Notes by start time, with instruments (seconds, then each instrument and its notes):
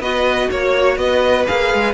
0.00 cello B3, viola F#4, violin B4 D#5
0.51 cello A#3, violin C#5
0.97 cello B3, violin B4 D#5
1.47 cello A#3, viola G#4, violin F5
1.74 cello G#3